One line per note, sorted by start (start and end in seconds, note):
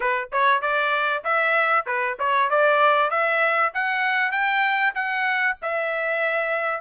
0.00 0.29 B4
0.31 0.61 C#5
0.61 1.23 D5
1.24 1.86 E5
1.86 2.17 B4
2.19 2.50 C#5
2.50 3.10 D5
3.10 3.72 E5
3.74 4.31 F#5
4.31 4.93 G5
4.94 5.56 F#5
5.61 6.80 E5